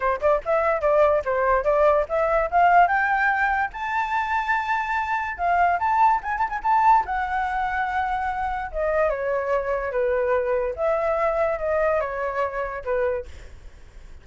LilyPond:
\new Staff \with { instrumentName = "flute" } { \time 4/4 \tempo 4 = 145 c''8 d''8 e''4 d''4 c''4 | d''4 e''4 f''4 g''4~ | g''4 a''2.~ | a''4 f''4 a''4 gis''8 a''16 gis''16 |
a''4 fis''2.~ | fis''4 dis''4 cis''2 | b'2 e''2 | dis''4 cis''2 b'4 | }